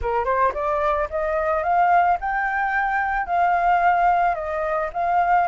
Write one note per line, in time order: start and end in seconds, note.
0.01 0.25 A#4
0.25 0.52 C5
0.53 1.08 D5
1.10 1.63 D#5
1.63 2.17 F5
2.20 3.26 G5
3.26 4.35 F5
4.35 4.89 D#5
4.93 5.47 F5